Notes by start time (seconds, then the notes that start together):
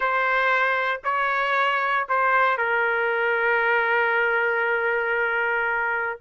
0.00 C5
1.03 C#5
2.08 C5
2.57 A#4